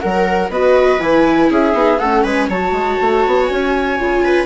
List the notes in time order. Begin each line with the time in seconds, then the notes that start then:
0.00 F#3 A#4 F#5
0.49 B3 F#4 B4 D#5
0.99 E3 E4 G#5
1.50 C#4 G#4 E5
1.72 B3 D#4
1.98 A3 C#4 A4 F#5
2.23 G#3 B4 G#5
2.48 F#3 F#4 C#5 A5
2.71 G#3
3.01 A3
3.26 B3
3.45 C#4 G#5
3.98 C#3 F4
4.23 B4